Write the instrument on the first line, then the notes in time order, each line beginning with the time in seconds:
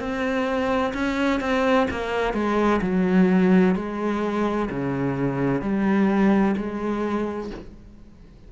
cello
0.00 C4
0.94 C#4
1.41 C4
1.91 A#3
2.34 G#3
2.82 F#3
3.76 G#3
4.70 C#3
5.62 G3
6.57 G#3